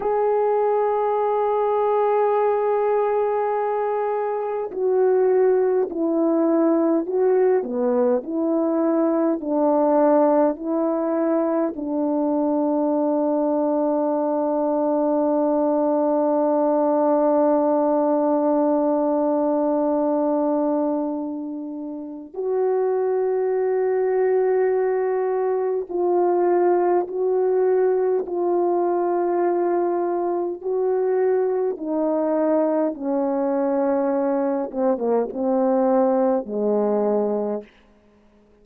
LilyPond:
\new Staff \with { instrumentName = "horn" } { \time 4/4 \tempo 4 = 51 gis'1 | fis'4 e'4 fis'8 b8 e'4 | d'4 e'4 d'2~ | d'1~ |
d'2. fis'4~ | fis'2 f'4 fis'4 | f'2 fis'4 dis'4 | cis'4. c'16 ais16 c'4 gis4 | }